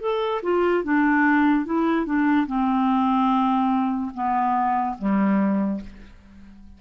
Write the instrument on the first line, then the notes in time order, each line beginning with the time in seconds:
clarinet
0.00 A4
0.43 F4
0.84 D4
1.65 E4
2.05 D4
2.47 C4
4.14 B3
4.98 G3